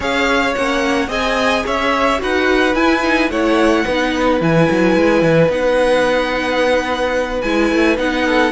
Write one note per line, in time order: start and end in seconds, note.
0.00 0.54 C#4
0.00 0.53 G#4
0.00 1.08 C#5
0.00 0.54 F5
0.54 1.08 A#3
0.54 1.08 C#4
0.54 1.10 F#5
1.08 1.63 C4
1.08 2.17 G#4
1.08 1.63 D#5
1.08 1.66 G#5
1.65 2.21 C#4
1.65 2.20 C#5
1.65 2.21 E5
2.17 2.74 D#4
2.17 2.72 F#4
2.17 3.31 B4
2.17 2.74 F#5
2.74 3.29 E4
2.74 3.02 E4
2.74 3.29 G#5
3.02 3.30 D#4
3.29 3.84 A3
3.29 3.86 E4
3.29 3.84 C#5
3.29 4.41 F#5
3.84 4.41 B3
3.84 4.40 D#4
3.84 8.25 B4
4.40 4.68 E3
4.40 5.49 E4
4.40 5.51 G#5
4.70 4.95 F#3
4.95 5.22 G#3
5.22 5.49 E3
5.49 7.41 B3
5.49 7.42 D#4
5.49 7.41 F#5
7.41 7.71 G#3
7.41 7.96 E4
7.41 7.96 G#5
7.71 7.97 A3
7.96 8.52 B3
7.96 8.51 D#4
7.96 8.52 F#5
8.25 8.52 A4